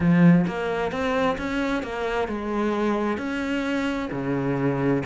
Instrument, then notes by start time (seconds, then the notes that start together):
cello
0.00 F3
0.47 A#3
0.91 C4
1.38 C#4
1.82 A#3
2.28 G#3
3.17 C#4
4.11 C#3